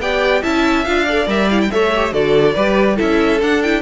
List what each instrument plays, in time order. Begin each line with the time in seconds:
0.00 cello B3, viola G4, violin D5 G5
0.43 cello C#4, viola E4, violin E5 A5
0.85 cello D4, viola F4, violin F5
1.06 viola A4, violin D5
1.27 cello G3, viola A#4, violin E5
1.50 viola E4, violin F5
1.61 violin G5
1.72 cello A3, viola A4, violin C#5 E5
1.96 viola G4
2.13 cello D3, viola F#4, violin A4 D5
2.55 cello G3, viola G4, violin B4
2.97 cello C#4, viola E4, violin A4 E5
3.42 viola D4, cello D4, violin F#5
3.63 viola E4, violin G5